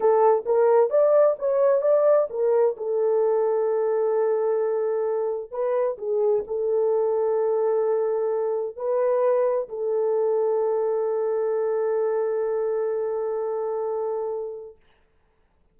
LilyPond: \new Staff \with { instrumentName = "horn" } { \time 4/4 \tempo 4 = 130 a'4 ais'4 d''4 cis''4 | d''4 ais'4 a'2~ | a'1 | b'4 gis'4 a'2~ |
a'2. b'4~ | b'4 a'2.~ | a'1~ | a'1 | }